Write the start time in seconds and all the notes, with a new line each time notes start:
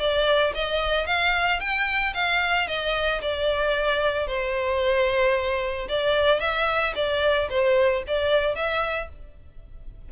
0.00 D5
0.55 D#5
1.07 F5
1.60 G5
2.15 F5
2.68 D#5
3.22 D5
4.28 C5
5.89 D5
6.41 E5
6.96 D5
7.50 C5
8.08 D5
8.56 E5